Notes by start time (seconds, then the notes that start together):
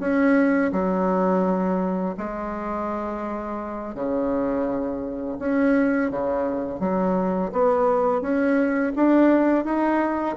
0.00 C#4
0.72 F#3
2.18 G#3
3.94 C#3
5.39 C#4
6.11 C#3
6.80 F#3
7.52 B3
8.21 C#4
8.96 D4
9.65 D#4